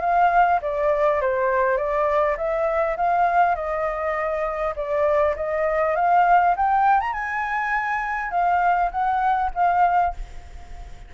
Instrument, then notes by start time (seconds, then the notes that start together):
flute
0.00 F5
0.61 D5
1.21 C5
1.77 D5
2.37 E5
2.96 F5
3.55 D#5
4.76 D5
5.36 D#5
5.95 F5
6.56 G5
7.00 A#5
7.12 G#5
8.30 F5
8.91 F#5
9.54 F5